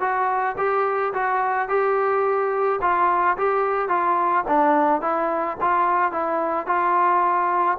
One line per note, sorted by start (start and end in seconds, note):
0.00 0.56 F#4
0.57 1.13 G4
1.13 1.68 F#4
1.68 2.80 G4
2.81 3.37 F4
3.37 3.88 G4
3.88 4.44 F4
4.47 5.01 D4
5.01 5.57 E4
5.61 6.11 F4
6.11 6.66 E4
6.66 7.78 F4